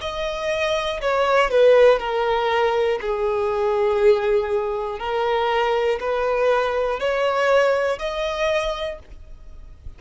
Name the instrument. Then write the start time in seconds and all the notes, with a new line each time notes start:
violin
0.00 D#5
1.01 C#5
1.50 B4
1.99 A#4
3.01 G#4
4.99 A#4
6.00 B4
7.00 C#5
7.98 D#5